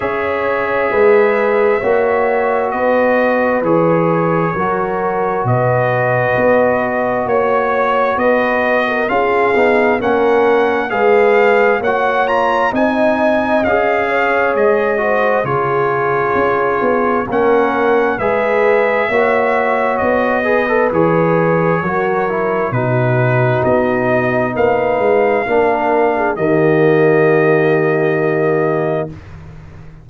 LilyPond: <<
  \new Staff \with { instrumentName = "trumpet" } { \time 4/4 \tempo 4 = 66 e''2. dis''4 | cis''2 dis''2 | cis''4 dis''4 f''4 fis''4 | f''4 fis''8 ais''8 gis''4 f''4 |
dis''4 cis''2 fis''4 | e''2 dis''4 cis''4~ | cis''4 b'4 dis''4 f''4~ | f''4 dis''2. | }
  \new Staff \with { instrumentName = "horn" } { \time 4/4 cis''4 b'4 cis''4 b'4~ | b'4 ais'4 b'2 | cis''4 b'8. ais'16 gis'4 ais'4 | b'4 cis''4 dis''4. cis''8~ |
cis''8 c''8 gis'2 ais'4 | b'4 cis''4. b'4. | ais'4 fis'2 b'4 | ais'8. gis'16 g'2. | }
  \new Staff \with { instrumentName = "trombone" } { \time 4/4 gis'2 fis'2 | gis'4 fis'2.~ | fis'2 f'8 dis'8 cis'4 | gis'4 fis'8 f'8 dis'4 gis'4~ |
gis'8 fis'8 f'2 cis'4 | gis'4 fis'4. gis'16 a'16 gis'4 | fis'8 e'8 dis'2. | d'4 ais2. | }
  \new Staff \with { instrumentName = "tuba" } { \time 4/4 cis'4 gis4 ais4 b4 | e4 fis4 b,4 b4 | ais4 b4 cis'8 b8 ais4 | gis4 ais4 c'4 cis'4 |
gis4 cis4 cis'8 b8 ais4 | gis4 ais4 b4 e4 | fis4 b,4 b4 ais8 gis8 | ais4 dis2. | }
>>